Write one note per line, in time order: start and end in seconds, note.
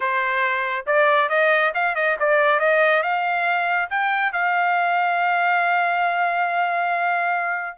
0.00 0.85 C5
0.86 1.29 D5
1.29 1.72 D#5
1.74 1.95 F5
1.95 2.16 D#5
2.19 2.59 D5
2.59 3.02 D#5
3.02 3.89 F5
3.89 4.32 G5
4.32 7.78 F5